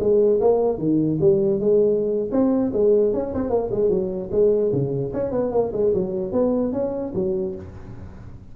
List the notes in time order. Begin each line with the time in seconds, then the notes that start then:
0.00 G#3
0.41 A#3
0.79 D#3
1.21 G3
1.60 G#3
2.32 C4
2.73 G#3
3.14 C#4
3.34 C4
3.50 A#3
3.71 G#3
3.90 F#3
4.32 G#3
4.73 C#3
5.14 C#4
5.32 B3
5.52 A#3
5.73 G#3
5.94 F#3
6.33 B3
6.73 C#4
7.15 F#3